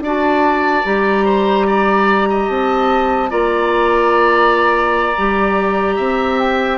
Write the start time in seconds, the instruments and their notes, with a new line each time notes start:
0.00 bassoon D4, clarinet F#4, oboe D5, flute A5
0.84 bassoon G3, clarinet G4, flute A#5
1.25 oboe C5
1.67 oboe D5
2.29 oboe D#5
2.48 bassoon C4, flute A5
3.29 bassoon A#3, clarinet F4, oboe D5, flute A#5
5.17 bassoon G3, clarinet G4
5.96 bassoon C4, oboe E5
6.39 flute G5